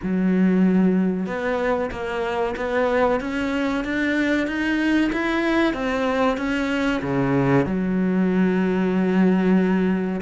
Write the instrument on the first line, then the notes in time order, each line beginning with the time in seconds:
cello
0.02 F#3
1.26 B3
1.91 A#3
2.56 B3
3.20 C#4
3.84 D4
4.47 D#4
5.12 E4
5.73 C4
6.37 C#4
7.02 C#3
7.65 F#3